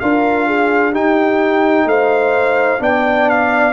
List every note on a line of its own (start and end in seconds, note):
0.00 0.95 D4
0.00 0.94 F4
0.00 0.47 A#4
0.00 0.94 F5
0.47 0.91 G#4
0.91 2.79 D#4
0.91 1.85 D#4
0.91 1.85 G4
0.91 1.88 G5
1.85 2.79 A3
1.85 2.82 C5
1.85 2.82 F5
2.79 3.73 B3
2.79 3.73 D4
2.79 3.73 D5
2.79 3.30 G5
3.30 3.73 F5